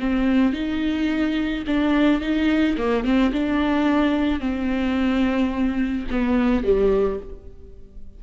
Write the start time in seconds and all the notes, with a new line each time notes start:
0.00 C4
0.53 D#4
1.67 D4
2.21 D#4
2.78 A#3
3.05 C4
3.33 D4
4.41 C4
6.11 B3
6.64 G3